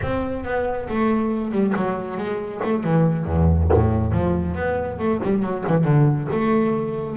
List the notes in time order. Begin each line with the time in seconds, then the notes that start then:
0.02 C4
0.44 B3
0.88 A3
1.51 G3
1.76 F#3
2.17 G#3
2.63 A3
2.83 E3
3.25 E2
3.73 A2
4.11 F3
4.54 B3
4.99 A3
5.23 G3
5.42 F#3
5.67 E3
5.84 D3
6.31 A3